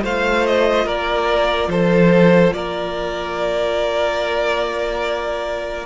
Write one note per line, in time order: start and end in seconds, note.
0.00 0.85 A3
0.00 5.83 F4
0.00 0.85 C5
0.00 0.46 F5
0.46 0.87 D#5
0.85 1.67 A#3
0.85 1.68 A#4
0.85 1.69 D5
1.67 2.51 F3
1.67 2.54 A4
1.67 2.53 C5
2.53 5.85 A#3
2.53 5.85 A#4
2.53 5.85 D5